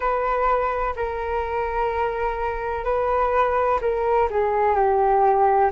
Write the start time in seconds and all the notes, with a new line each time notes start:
0.00 B4
0.96 A#4
2.84 B4
3.81 A#4
4.30 G#4
4.75 G4